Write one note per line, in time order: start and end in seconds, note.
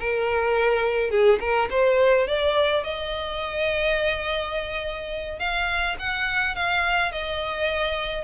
0.00 1.11 A#4
1.11 1.39 G#4
1.41 1.69 A#4
1.70 2.28 C5
2.28 2.84 D5
2.84 5.39 D#5
5.39 5.96 F5
5.99 6.56 F#5
6.56 7.12 F5
7.12 8.24 D#5